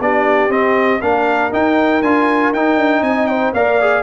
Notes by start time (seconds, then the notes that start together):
0.00 B3 D4 G4 D5
0.49 C4 D#5
1.01 A#3 D4 A#4 F5
1.52 D#4 G5
2.02 D4 F4 G#5
2.52 D#4 G5
2.76 D4
3.01 C4 D#5 G#5
3.27 C5 G5
3.53 A#3 A#4 D5 F5
3.81 G#4